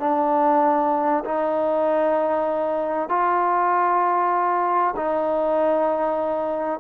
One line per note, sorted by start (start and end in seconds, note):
0.00 1.24 D4
1.25 3.09 D#4
3.09 4.95 F4
4.96 6.80 D#4